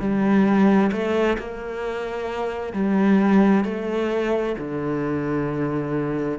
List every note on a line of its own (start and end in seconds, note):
0.00 0.91 G3
0.92 1.37 A3
1.38 2.73 A#3
2.73 3.64 G3
3.64 4.55 A3
4.58 6.39 D3